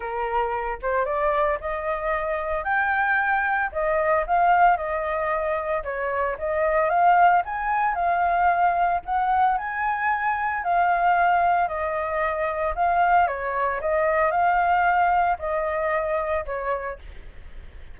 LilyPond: \new Staff \with { instrumentName = "flute" } { \time 4/4 \tempo 4 = 113 ais'4. c''8 d''4 dis''4~ | dis''4 g''2 dis''4 | f''4 dis''2 cis''4 | dis''4 f''4 gis''4 f''4~ |
f''4 fis''4 gis''2 | f''2 dis''2 | f''4 cis''4 dis''4 f''4~ | f''4 dis''2 cis''4 | }